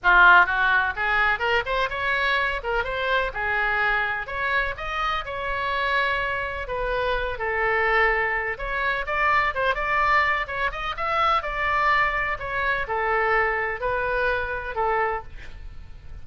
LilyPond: \new Staff \with { instrumentName = "oboe" } { \time 4/4 \tempo 4 = 126 f'4 fis'4 gis'4 ais'8 c''8 | cis''4. ais'8 c''4 gis'4~ | gis'4 cis''4 dis''4 cis''4~ | cis''2 b'4. a'8~ |
a'2 cis''4 d''4 | c''8 d''4. cis''8 dis''8 e''4 | d''2 cis''4 a'4~ | a'4 b'2 a'4 | }